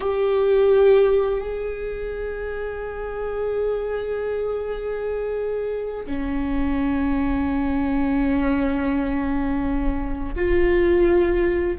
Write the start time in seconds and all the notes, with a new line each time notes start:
0.00 G4
1.41 G#4
6.06 C#4
10.35 F4